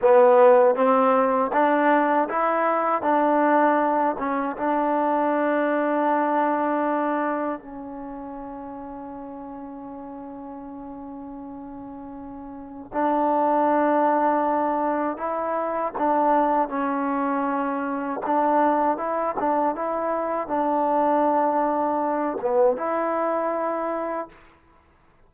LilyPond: \new Staff \with { instrumentName = "trombone" } { \time 4/4 \tempo 4 = 79 b4 c'4 d'4 e'4 | d'4. cis'8 d'2~ | d'2 cis'2~ | cis'1~ |
cis'4 d'2. | e'4 d'4 cis'2 | d'4 e'8 d'8 e'4 d'4~ | d'4. b8 e'2 | }